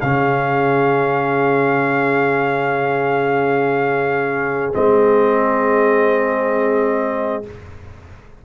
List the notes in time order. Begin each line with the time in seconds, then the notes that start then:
0.00 C#3 C#4 G#4 F5
4.73 G#3 C4 D#5